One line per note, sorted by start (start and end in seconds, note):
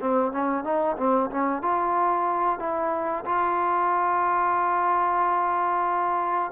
0.00 0.32 C4
0.32 0.63 C#4
0.63 0.96 D#4
0.97 1.30 C4
1.30 1.62 C#4
1.62 2.59 F4
2.59 3.24 E4
3.25 6.51 F4